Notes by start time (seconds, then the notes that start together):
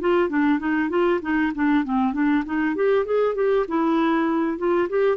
0.00 F4
0.29 D4
0.59 D#4
0.89 F4
1.22 D#4
1.55 D4
1.84 C4
2.13 D4
2.45 D#4
2.76 G4
3.06 G#4
3.35 G4
3.68 E4
4.58 F4
4.89 G4